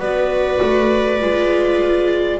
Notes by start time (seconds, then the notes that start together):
0.00 B3 F#4 B4 D5
0.62 A3
1.21 G#3 F4